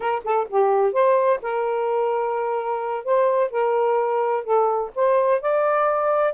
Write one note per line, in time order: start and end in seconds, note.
0.00 0.22 A#4
0.23 0.47 A4
0.49 0.93 G4
0.93 1.39 C5
1.42 3.04 A#4
3.04 3.50 C5
3.50 4.44 A#4
4.44 4.90 A4
4.95 5.41 C5
5.41 6.33 D5